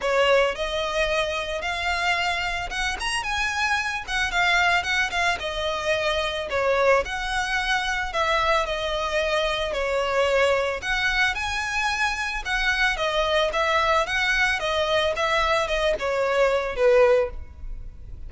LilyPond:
\new Staff \with { instrumentName = "violin" } { \time 4/4 \tempo 4 = 111 cis''4 dis''2 f''4~ | f''4 fis''8 ais''8 gis''4. fis''8 | f''4 fis''8 f''8 dis''2 | cis''4 fis''2 e''4 |
dis''2 cis''2 | fis''4 gis''2 fis''4 | dis''4 e''4 fis''4 dis''4 | e''4 dis''8 cis''4. b'4 | }